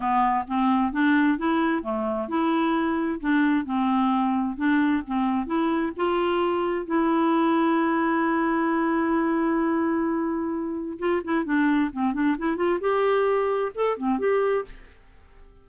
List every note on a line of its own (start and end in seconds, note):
0.00 0.45 B3
0.47 0.92 C4
0.92 1.37 D4
1.37 1.82 E4
1.82 2.28 A3
2.28 3.20 E4
3.20 3.65 D4
3.65 4.57 C4
4.57 5.02 D4
5.06 5.46 C4
5.46 5.92 E4
5.96 6.85 F4
6.85 10.98 E4
10.99 11.22 F4
11.24 11.44 E4
11.44 11.90 D4
11.92 12.13 C4
12.13 12.36 D4
12.38 12.56 E4
12.56 12.79 F4
12.80 13.72 G4
13.74 13.97 A4
13.97 14.19 C4
14.19 14.64 G4